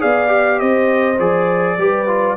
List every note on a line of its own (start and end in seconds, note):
0.00 0.61 B3
0.00 0.27 G#4
0.00 0.59 D5
0.00 0.60 F5
0.27 1.16 G4
0.59 1.19 C4
0.59 1.77 C5
0.59 1.19 D#5
1.19 1.78 F3
1.19 1.78 G#4
1.19 2.37 D5
1.78 2.37 G3
1.78 2.08 G4
1.78 2.37 B4
2.08 2.37 F4